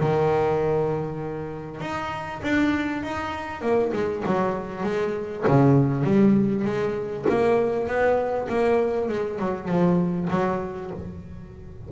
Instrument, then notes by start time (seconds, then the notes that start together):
double bass
0.00 D#3
1.80 D#4
2.42 D4
3.03 D#4
3.61 A#3
3.93 G#3
4.25 F#3
4.83 G#3
5.47 C#3
6.04 G3
6.64 G#3
7.28 A#3
7.87 B3
8.49 A#3
9.08 G#3
9.39 F#3
9.67 F3
10.30 F#3